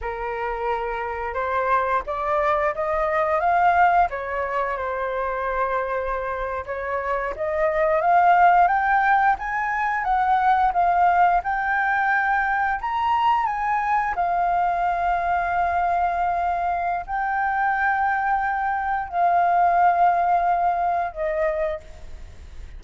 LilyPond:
\new Staff \with { instrumentName = "flute" } { \time 4/4 \tempo 4 = 88 ais'2 c''4 d''4 | dis''4 f''4 cis''4 c''4~ | c''4.~ c''16 cis''4 dis''4 f''16~ | f''8. g''4 gis''4 fis''4 f''16~ |
f''8. g''2 ais''4 gis''16~ | gis''8. f''2.~ f''16~ | f''4 g''2. | f''2. dis''4 | }